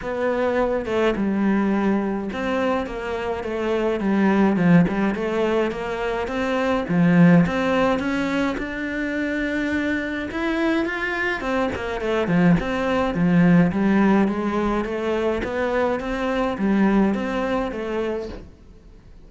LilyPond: \new Staff \with { instrumentName = "cello" } { \time 4/4 \tempo 4 = 105 b4. a8 g2 | c'4 ais4 a4 g4 | f8 g8 a4 ais4 c'4 | f4 c'4 cis'4 d'4~ |
d'2 e'4 f'4 | c'8 ais8 a8 f8 c'4 f4 | g4 gis4 a4 b4 | c'4 g4 c'4 a4 | }